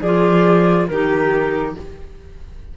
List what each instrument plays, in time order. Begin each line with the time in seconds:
0.00 cello F3, clarinet F4, violin G#4, flute D5
0.88 cello D#3, clarinet D#4, violin G4, flute A#4